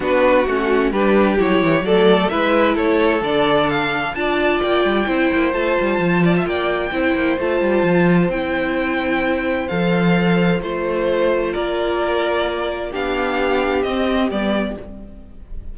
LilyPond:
<<
  \new Staff \with { instrumentName = "violin" } { \time 4/4 \tempo 4 = 130 b'4 fis'4 b'4 cis''4 | d''4 e''4 cis''4 d''4 | f''4 a''4 g''2 | a''2 g''2 |
a''2 g''2~ | g''4 f''2 c''4~ | c''4 d''2. | f''2 dis''4 d''4 | }
  \new Staff \with { instrumentName = "violin" } { \time 4/4 fis'2 g'2 | a'4 b'4 a'2~ | a'4 d''2 c''4~ | c''4. d''16 e''16 d''4 c''4~ |
c''1~ | c''1~ | c''4 ais'2. | g'1 | }
  \new Staff \with { instrumentName = "viola" } { \time 4/4 d'4 cis'4 d'4 e'4 | a4 e'2 d'4~ | d'4 f'2 e'4 | f'2. e'4 |
f'2 e'2~ | e'4 a'2 f'4~ | f'1 | d'2 c'4 b4 | }
  \new Staff \with { instrumentName = "cello" } { \time 4/4 b4 a4 g4 fis8 e8 | fis4 gis4 a4 d4~ | d4 d'4 ais8 g8 c'8 ais8 | a8 g8 f4 ais4 c'8 ais8 |
a8 g8 f4 c'2~ | c'4 f2 a4~ | a4 ais2. | b2 c'4 g4 | }
>>